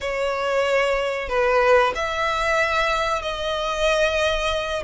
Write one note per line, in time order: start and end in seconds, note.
0.01 1.28 C#5
1.28 1.93 B4
1.95 3.22 E5
3.22 4.83 D#5